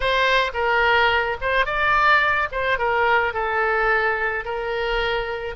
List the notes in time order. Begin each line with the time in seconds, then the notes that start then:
0.00 C5
0.53 A#4
1.41 C5
1.65 D5
2.51 C5
2.78 A#4
3.33 A4
4.44 A#4